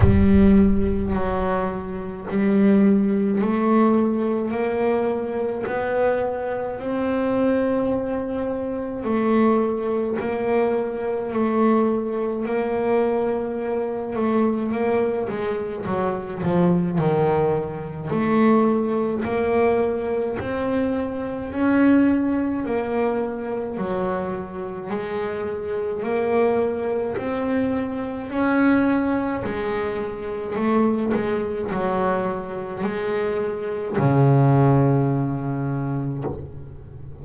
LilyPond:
\new Staff \with { instrumentName = "double bass" } { \time 4/4 \tempo 4 = 53 g4 fis4 g4 a4 | ais4 b4 c'2 | a4 ais4 a4 ais4~ | ais8 a8 ais8 gis8 fis8 f8 dis4 |
a4 ais4 c'4 cis'4 | ais4 fis4 gis4 ais4 | c'4 cis'4 gis4 a8 gis8 | fis4 gis4 cis2 | }